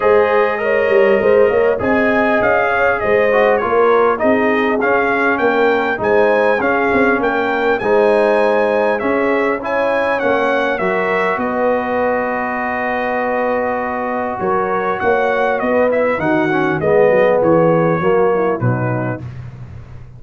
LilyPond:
<<
  \new Staff \with { instrumentName = "trumpet" } { \time 4/4 \tempo 4 = 100 dis''2. gis''4 | f''4 dis''4 cis''4 dis''4 | f''4 g''4 gis''4 f''4 | g''4 gis''2 e''4 |
gis''4 fis''4 e''4 dis''4~ | dis''1 | cis''4 fis''4 dis''8 e''8 fis''4 | dis''4 cis''2 b'4 | }
  \new Staff \with { instrumentName = "horn" } { \time 4/4 c''4 cis''4 c''8 cis''8 dis''4~ | dis''8 cis''8 c''4 ais'4 gis'4~ | gis'4 ais'4 c''4 gis'4 | ais'4 c''2 gis'4 |
cis''2 ais'4 b'4~ | b'1 | ais'4 cis''4 b'4 fis'4 | gis'2 fis'8 e'8 dis'4 | }
  \new Staff \with { instrumentName = "trombone" } { \time 4/4 gis'4 ais'2 gis'4~ | gis'4. fis'8 f'4 dis'4 | cis'2 dis'4 cis'4~ | cis'4 dis'2 cis'4 |
e'4 cis'4 fis'2~ | fis'1~ | fis'2~ fis'8 e'8 dis'8 cis'8 | b2 ais4 fis4 | }
  \new Staff \with { instrumentName = "tuba" } { \time 4/4 gis4. g8 gis8 ais8 c'4 | cis'4 gis4 ais4 c'4 | cis'4 ais4 gis4 cis'8 c'8 | ais4 gis2 cis'4~ |
cis'4 ais4 fis4 b4~ | b1 | fis4 ais4 b4 dis4 | gis8 fis8 e4 fis4 b,4 | }
>>